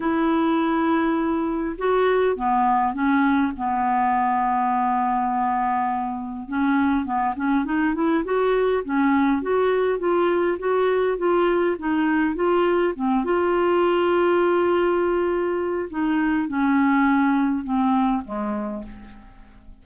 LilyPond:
\new Staff \with { instrumentName = "clarinet" } { \time 4/4 \tempo 4 = 102 e'2. fis'4 | b4 cis'4 b2~ | b2. cis'4 | b8 cis'8 dis'8 e'8 fis'4 cis'4 |
fis'4 f'4 fis'4 f'4 | dis'4 f'4 c'8 f'4.~ | f'2. dis'4 | cis'2 c'4 gis4 | }